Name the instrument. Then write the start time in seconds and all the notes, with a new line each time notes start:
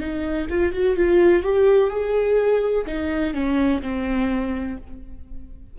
viola
0.00 D#4
0.50 F4
0.73 F#4
0.96 F4
1.43 G4
1.90 G#4
2.87 D#4
3.34 C#4
3.82 C4